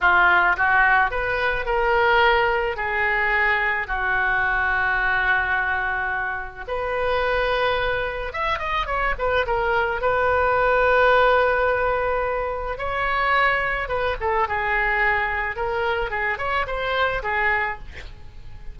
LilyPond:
\new Staff \with { instrumentName = "oboe" } { \time 4/4 \tempo 4 = 108 f'4 fis'4 b'4 ais'4~ | ais'4 gis'2 fis'4~ | fis'1 | b'2. e''8 dis''8 |
cis''8 b'8 ais'4 b'2~ | b'2. cis''4~ | cis''4 b'8 a'8 gis'2 | ais'4 gis'8 cis''8 c''4 gis'4 | }